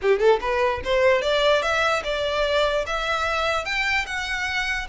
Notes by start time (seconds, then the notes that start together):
0.02 G4
0.19 A4
0.41 B4
0.84 C5
1.21 D5
1.62 E5
2.04 D5
2.86 E5
3.65 G5
4.06 F#5